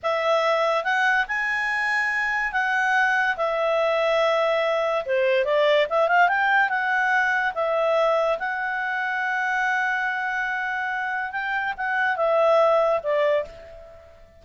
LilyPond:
\new Staff \with { instrumentName = "clarinet" } { \time 4/4 \tempo 4 = 143 e''2 fis''4 gis''4~ | gis''2 fis''2 | e''1 | c''4 d''4 e''8 f''8 g''4 |
fis''2 e''2 | fis''1~ | fis''2. g''4 | fis''4 e''2 d''4 | }